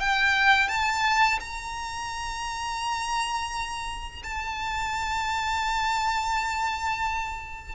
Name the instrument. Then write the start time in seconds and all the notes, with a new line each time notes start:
violin
0.00 G5
0.68 A5
1.40 A#5
4.23 A5